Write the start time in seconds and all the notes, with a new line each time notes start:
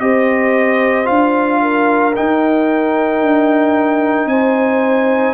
0.00 C4 G4 C5 D#5
1.05 D4 F4 F5
1.62 A#4
2.15 D#4 G5
3.22 D4
4.26 C4 C5 G#5